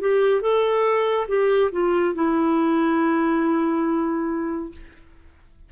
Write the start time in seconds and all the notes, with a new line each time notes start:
0.00 G4
0.41 A4
1.27 G4
1.71 F4
2.14 E4